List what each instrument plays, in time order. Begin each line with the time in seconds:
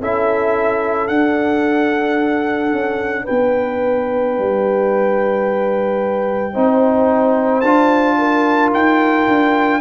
0.00 tuba C#4, trombone E4, horn A4, trumpet E5
1.07 tuba D4, trombone D4, trumpet F#5
2.72 tuba C#4
3.24 tuba B3, horn B4, trumpet G5
4.38 tuba G3
6.53 tuba C4, trombone D#4, horn C5
7.60 tuba D4, trombone F4, trumpet A5
8.18 horn A#4
8.72 tuba D#4, trumpet G5
9.27 tuba D4